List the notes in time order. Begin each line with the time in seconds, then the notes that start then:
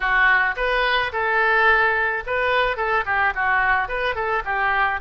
0.00 F#4
0.56 B4
1.12 A4
2.26 B4
2.76 A4
3.05 G4
3.34 F#4
3.88 B4
4.15 A4
4.44 G4